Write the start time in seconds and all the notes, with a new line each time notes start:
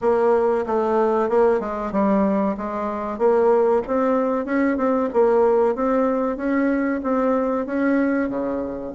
0.01 A#3
0.66 A3
1.29 A#3
1.60 G#3
1.91 G3
2.57 G#3
3.18 A#3
3.87 C4
4.45 C#4
4.77 C4
5.13 A#3
5.75 C4
6.37 C#4
7.03 C4
7.66 C#4
8.29 C#3